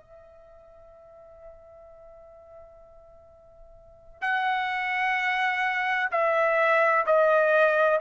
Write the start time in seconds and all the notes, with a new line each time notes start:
0.00 E5
4.21 F#5
6.11 E5
7.06 D#5